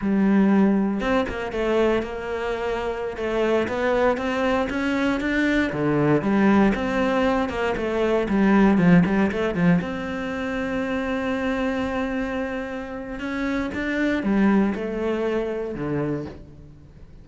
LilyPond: \new Staff \with { instrumentName = "cello" } { \time 4/4 \tempo 4 = 118 g2 c'8 ais8 a4 | ais2~ ais16 a4 b8.~ | b16 c'4 cis'4 d'4 d8.~ | d16 g4 c'4. ais8 a8.~ |
a16 g4 f8 g8 a8 f8 c'8.~ | c'1~ | c'2 cis'4 d'4 | g4 a2 d4 | }